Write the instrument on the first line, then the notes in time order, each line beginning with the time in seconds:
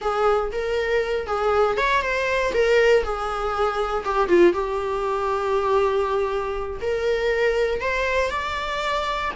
viola
0.01 G#4
0.52 A#4
1.26 G#4
1.77 C#5
2.02 C5
2.53 A#4
3.03 G#4
4.05 G4
4.28 F4
4.53 G4
6.81 A#4
7.80 C5
8.30 D5